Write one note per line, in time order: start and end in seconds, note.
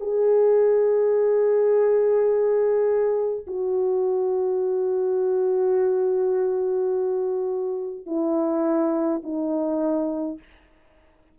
0.00 3.46 G#4
3.47 8.06 F#4
8.06 9.22 E4
9.23 10.38 D#4